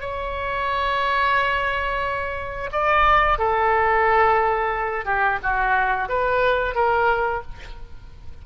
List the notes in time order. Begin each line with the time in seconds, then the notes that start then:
0.00 C#5
2.72 D5
3.38 A4
5.05 G4
5.42 F#4
6.09 B4
6.74 A#4